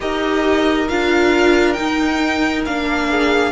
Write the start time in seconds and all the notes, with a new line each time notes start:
0.00 D#4 G4 A#4 D#5
0.88 D4 F4 F5
1.73 D#4 G5
2.65 A#3 D4 F5
3.10 G#4